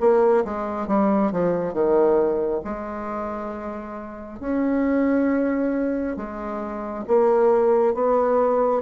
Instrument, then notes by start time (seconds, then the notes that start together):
bassoon
0.00 A#3
0.45 G#3
0.88 G3
1.32 F3
1.73 D#3
2.64 G#3
4.40 C#4
6.16 G#3
7.07 A#3
7.95 B3